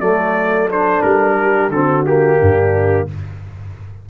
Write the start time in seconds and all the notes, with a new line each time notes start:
0.00 F#3 A3 A4 D5
0.69 D4 C5
1.02 G3 A#4
1.42 G4
1.70 D3 C4 F#4 A4
2.06 A#3 G4
2.40 G2 D4